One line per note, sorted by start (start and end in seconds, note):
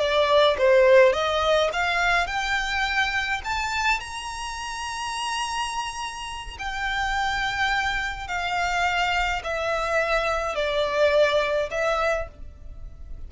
0.00 0.57 D5
0.58 1.13 C5
1.13 1.70 D#5
1.73 2.27 F5
2.27 3.42 G5
3.45 4.01 A5
4.01 6.58 A#5
6.59 8.28 G5
8.28 9.42 F5
9.44 10.56 E5
10.56 11.70 D5
11.71 12.29 E5